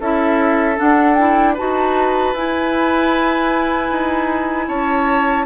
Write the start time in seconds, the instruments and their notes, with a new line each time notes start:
0.00 bassoon C#4, clarinet E4, oboe A4, flute E5
0.76 clarinet D4, bassoon D4, flute F#5
1.15 clarinet E4, flute G5
1.54 bassoon D#4, clarinet F#4, oboe B4, flute A5
2.33 bassoon E4, clarinet E4, flute G#5
3.92 bassoon D#4
4.68 bassoon C#4, oboe C#5, flute A5